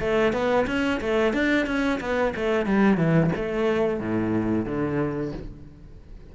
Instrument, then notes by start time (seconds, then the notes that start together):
cello
0.00 A3
0.33 B3
0.67 C#4
1.01 A3
1.33 D4
1.66 C#4
2.00 B3
2.35 A3
2.66 G3
2.97 E3
3.35 A3
4.00 A2
4.65 D3